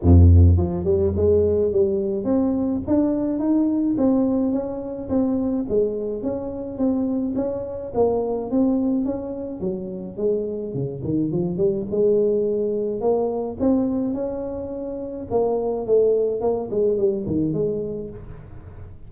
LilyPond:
\new Staff \with { instrumentName = "tuba" } { \time 4/4 \tempo 4 = 106 f,4 f8 g8 gis4 g4 | c'4 d'4 dis'4 c'4 | cis'4 c'4 gis4 cis'4 | c'4 cis'4 ais4 c'4 |
cis'4 fis4 gis4 cis8 dis8 | f8 g8 gis2 ais4 | c'4 cis'2 ais4 | a4 ais8 gis8 g8 dis8 gis4 | }